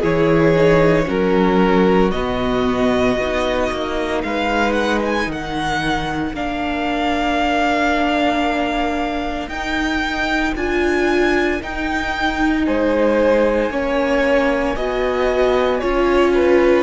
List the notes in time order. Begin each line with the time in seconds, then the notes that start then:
0.00 E3 E4 G#4 C#5
0.56 D#4
1.05 F#3 C#4 F#4 A#4
2.11 B2 B3 D#5
3.18 B3 D#4
3.72 A#3
4.23 G#3 B4 F5
4.73 F#5
5.05 G#5
5.27 D#3 A#4 F#5
6.34 A#3 D4 F5
9.47 D#4 G5
10.55 D4 F4 G#5
11.61 D#4 G5
12.66 G#3 C5 G#5
13.71 A#3 C#4 C#5
14.76 B3 F#4 D#5
15.80 C#4 F4 C#5
16.35 B4